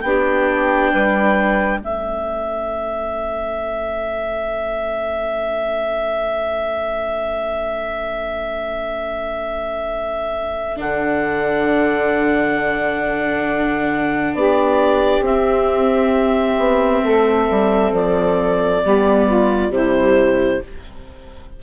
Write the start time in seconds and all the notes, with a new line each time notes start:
0.00 B3 D4 G4 G5
0.91 G3 B4
1.80 A3 C#4 A4 E5
10.76 D3 D4 F#5
14.34 B3 G4 D5
15.20 C4 E5
16.57 B3
17.04 A3 A4
17.50 G3
17.92 F3 D5
18.85 G3 B3 G4
19.28 F4
19.70 C3 G3 E4 C5